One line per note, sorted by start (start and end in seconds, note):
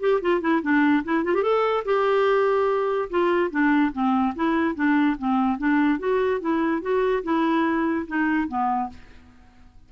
0.00 0.21 G4
0.21 0.41 F4
0.41 0.62 E4
0.62 1.03 D4
1.04 1.24 E4
1.24 1.35 F4
1.35 1.43 G4
1.43 1.84 A4
1.85 3.09 G4
3.10 3.51 F4
3.51 3.92 D4
3.93 4.34 C4
4.36 4.75 E4
4.75 5.16 D4
5.18 5.58 C4
5.58 5.99 D4
5.99 6.41 F#4
6.41 6.82 E4
6.82 7.23 F#4
7.24 8.06 E4
8.07 8.48 D#4
8.48 8.90 B3